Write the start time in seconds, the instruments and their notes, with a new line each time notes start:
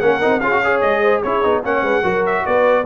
0.00 tuba A#3, trombone C#4, horn A#4, trumpet F#5
0.21 tuba C4, trombone D#4
0.40 tuba C#4, trombone F4, horn G#4, trumpet F5
0.52 trombone F#4
0.63 trombone G#4, horn C#5
0.81 tuba G#3, trumpet D#5
1.02 horn C5
1.23 tuba C#4, trombone E4, horn G#4, trumpet C#5
1.43 tuba B3, trombone D#4
1.64 tuba A#3, trombone C#4, horn C#5, trumpet F#5
1.83 tuba G#3, horn B4
2.03 tuba F#3, trombone F#4, horn A#4
2.26 trumpet E5
2.46 tuba B3, horn B4, trumpet D5